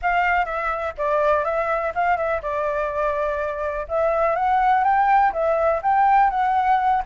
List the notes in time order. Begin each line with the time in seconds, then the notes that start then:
0.02 F5
0.45 E5
0.97 D5
1.44 E5
1.94 F5
2.17 E5
2.41 D5
3.88 E5
4.35 F#5
4.84 G5
5.32 E5
5.82 G5
6.30 F#5